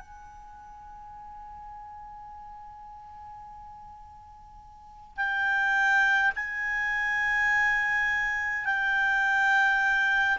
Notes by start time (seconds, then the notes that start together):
0.00 G#5
5.17 G5
6.36 G#5
8.66 G5